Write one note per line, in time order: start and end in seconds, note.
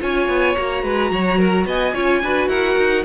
0.00 0.28 C#4
0.00 0.56 F4
0.00 0.84 C#5
0.00 0.56 G#5
0.28 0.55 B3
0.56 0.83 A#3
0.56 1.94 F#4
0.56 1.67 A#5
0.83 1.11 G#3
0.83 1.11 B4
1.11 1.65 F#3
1.11 1.38 C#5
1.38 1.66 A#4
1.65 1.93 B3
1.65 1.93 D#5
1.65 2.48 G#5
1.93 2.23 C#4
1.93 2.22 F4
1.93 2.21 C#5
2.23 2.48 D4
2.23 3.04 F#4
2.23 2.48 B4
2.48 2.75 E4
2.48 3.04 A#4
2.48 3.04 F#5
2.77 3.04 D#4